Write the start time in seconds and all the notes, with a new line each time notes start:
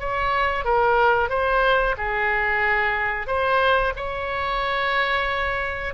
0.00 C#5
0.65 A#4
1.29 C5
1.98 G#4
3.27 C5
3.96 C#5